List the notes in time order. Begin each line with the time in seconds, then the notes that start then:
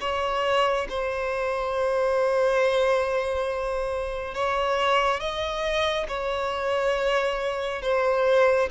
0.00 C#5
0.89 C5
4.34 C#5
5.20 D#5
6.08 C#5
7.82 C5